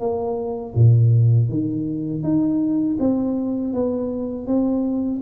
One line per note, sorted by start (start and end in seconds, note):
0.00 0.74 A#3
0.75 1.49 A#2
1.49 2.23 D#3
2.23 2.97 D#4
3.00 3.73 C4
3.73 4.46 B3
4.46 5.21 C4